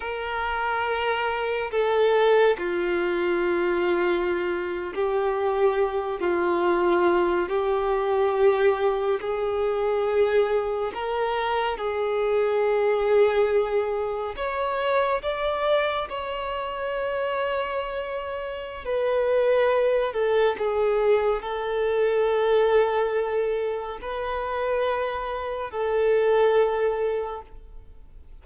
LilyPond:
\new Staff \with { instrumentName = "violin" } { \time 4/4 \tempo 4 = 70 ais'2 a'4 f'4~ | f'4.~ f'16 g'4. f'8.~ | f'8. g'2 gis'4~ gis'16~ | gis'8. ais'4 gis'2~ gis'16~ |
gis'8. cis''4 d''4 cis''4~ cis''16~ | cis''2 b'4. a'8 | gis'4 a'2. | b'2 a'2 | }